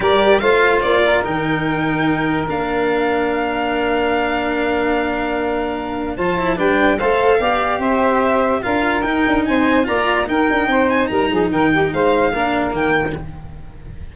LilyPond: <<
  \new Staff \with { instrumentName = "violin" } { \time 4/4 \tempo 4 = 146 d''4 f''4 d''4 g''4~ | g''2 f''2~ | f''1~ | f''2. a''4 |
g''4 f''2 e''4~ | e''4 f''4 g''4 gis''4 | ais''4 g''4. gis''8 ais''4 | g''4 f''2 g''4 | }
  \new Staff \with { instrumentName = "saxophone" } { \time 4/4 ais'4 c''4. ais'4.~ | ais'1~ | ais'1~ | ais'2. c''4 |
b'4 c''4 d''4 c''4~ | c''4 ais'2 c''4 | d''4 ais'4 c''4 ais'8 gis'8 | ais'8 g'8 c''4 ais'2 | }
  \new Staff \with { instrumentName = "cello" } { \time 4/4 g'4 f'2 dis'4~ | dis'2 d'2~ | d'1~ | d'2. f'8 e'8 |
d'4 a'4 g'2~ | g'4 f'4 dis'2 | f'4 dis'2.~ | dis'2 d'4 ais4 | }
  \new Staff \with { instrumentName = "tuba" } { \time 4/4 g4 a4 ais4 dis4~ | dis2 ais2~ | ais1~ | ais2. f4 |
g4 a4 b4 c'4~ | c'4 d'4 dis'8 d'8 c'4 | ais4 dis'8 d'8 c'4 g8 f8 | dis4 gis4 ais4 dis4 | }
>>